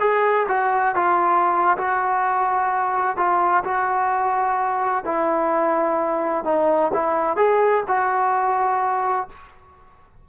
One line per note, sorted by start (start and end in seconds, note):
0.00 0.47 G#4
0.48 0.95 F#4
0.95 1.77 F4
1.78 3.17 F#4
3.17 3.64 F4
3.64 5.05 F#4
5.05 6.45 E4
6.45 6.91 D#4
6.94 7.37 E4
7.37 7.83 G#4
7.88 9.28 F#4